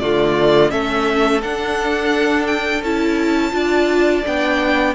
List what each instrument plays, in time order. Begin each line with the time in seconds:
0.00 cello D3, viola A3, violin F4 D5
0.70 cello A3, viola C#4, violin A4 E5
1.43 viola D4, cello D4, violin F#5
2.47 violin G5
2.82 cello C#4, viola E4, violin A5
3.52 cello D4, viola F4, violin D5
4.24 cello B3, viola D4, violin G5